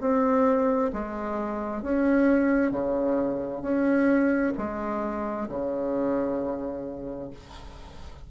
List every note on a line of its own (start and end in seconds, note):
0.00 0.91 C4
0.93 1.82 G#3
1.82 2.71 C#4
2.71 3.62 C#3
3.62 4.52 C#4
4.57 5.48 G#3
5.48 7.30 C#3